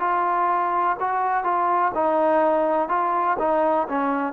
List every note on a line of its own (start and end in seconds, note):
0.00 0.97 F4
1.00 1.44 F#4
1.44 1.92 F4
1.95 2.89 D#4
2.89 3.37 F4
3.40 3.88 D#4
3.89 4.33 C#4